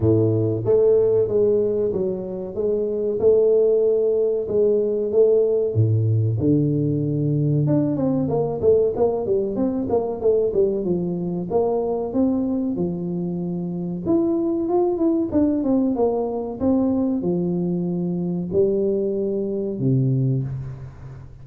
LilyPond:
\new Staff \with { instrumentName = "tuba" } { \time 4/4 \tempo 4 = 94 a,4 a4 gis4 fis4 | gis4 a2 gis4 | a4 a,4 d2 | d'8 c'8 ais8 a8 ais8 g8 c'8 ais8 |
a8 g8 f4 ais4 c'4 | f2 e'4 f'8 e'8 | d'8 c'8 ais4 c'4 f4~ | f4 g2 c4 | }